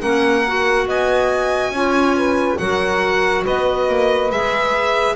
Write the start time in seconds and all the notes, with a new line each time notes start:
0.00 A#3 C#4 A#4 F#5
0.47 F#4
0.87 B3 D#5 G#5
1.70 C#4 F4 C#5
2.16 B4
2.58 F#3 F#4 A#4 F#5
3.44 B3 B4 D#5
3.89 A#3
4.32 G#3 G#4 E5